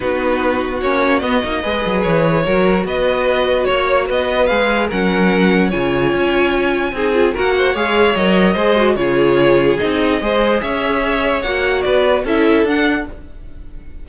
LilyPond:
<<
  \new Staff \with { instrumentName = "violin" } { \time 4/4 \tempo 4 = 147 b'2 cis''4 dis''4~ | dis''4 cis''2 dis''4~ | dis''4 cis''4 dis''4 f''4 | fis''2 gis''2~ |
gis''2 fis''4 f''4 | dis''2 cis''2 | dis''2 e''2 | fis''4 d''4 e''4 fis''4 | }
  \new Staff \with { instrumentName = "violin" } { \time 4/4 fis'1 | b'2 ais'4 b'4~ | b'4 cis''4 b'2 | ais'2 cis''2~ |
cis''4 gis'4 ais'8 c''8 cis''4~ | cis''4 c''4 gis'2~ | gis'4 c''4 cis''2~ | cis''4 b'4 a'2 | }
  \new Staff \with { instrumentName = "viola" } { \time 4/4 dis'2 cis'4 b8 dis'8 | gis'2 fis'2~ | fis'2. gis'4 | cis'2 f'2~ |
f'4 dis'8 f'8 fis'4 gis'4 | ais'4 gis'8 fis'8 f'2 | dis'4 gis'2. | fis'2 e'4 d'4 | }
  \new Staff \with { instrumentName = "cello" } { \time 4/4 b2 ais4 b8 ais8 | gis8 fis8 e4 fis4 b4~ | b4 ais4 b4 gis4 | fis2 cis4 cis'4~ |
cis'4 c'4 ais4 gis4 | fis4 gis4 cis2 | c'4 gis4 cis'2 | ais4 b4 cis'4 d'4 | }
>>